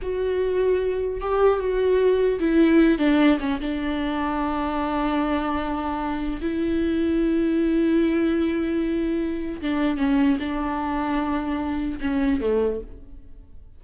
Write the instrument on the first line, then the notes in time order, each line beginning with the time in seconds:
viola
0.02 F#4
1.20 G4
1.59 F#4
2.39 E4
2.98 D4
3.40 C#4
3.60 D4
6.41 E4
9.61 D4
9.97 C#4
10.39 D4
12.00 C#4
12.41 A3